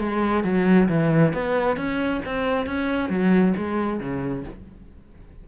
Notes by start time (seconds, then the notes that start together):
0.00 G#3
0.44 F#3
0.89 E3
1.33 B3
1.77 C#4
2.25 C4
2.66 C#4
3.09 F#3
3.57 G#3
4.00 C#3